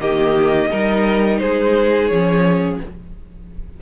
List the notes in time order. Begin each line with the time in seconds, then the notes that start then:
0.00 D#3 A#3 G4 D#5
0.71 G3 D#4 A#4
1.39 G#3 G#4 C5
2.08 F3 C#4 C#5